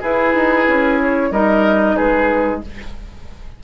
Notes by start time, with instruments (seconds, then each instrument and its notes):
0.00 bassoon E4, clarinet E4, oboe G#4, flute B4
0.34 bassoon D#4
0.68 bassoon C#4
1.01 flute C#5
1.31 bassoon G3, clarinet D#4, oboe A#4, flute D#5
1.96 bassoon G#3, oboe G#4, flute B4